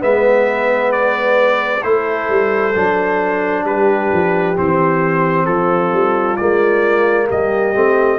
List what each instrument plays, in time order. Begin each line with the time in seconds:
0.00 tuba G#3, trombone B3, horn B4, trumpet E5
0.92 trumpet D5
1.83 tuba A3, trombone E4, horn A4, trumpet C5
2.29 tuba G3
2.76 tuba F#3, trombone D4
3.64 tuba G3, horn G4, trumpet B4
4.13 tuba F3
4.56 tuba E3, trombone C4, trumpet C5
5.46 tuba F3, horn F4, trumpet A4
5.93 tuba G3
6.37 tuba G#3, trombone A#3, trumpet D5
7.28 tuba G3, horn G4, trumpet D#5
7.75 tuba A3, trombone C4